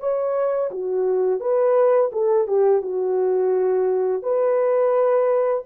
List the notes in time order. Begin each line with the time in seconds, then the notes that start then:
0.00 C#5
0.71 F#4
1.40 B4
2.12 A4
2.48 G4
2.82 F#4
4.23 B4